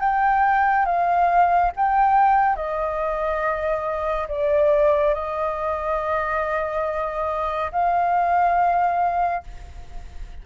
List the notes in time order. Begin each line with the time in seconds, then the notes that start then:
0.00 G5
0.86 F5
1.76 G5
2.56 D#5
4.29 D5
5.14 D#5
7.72 F5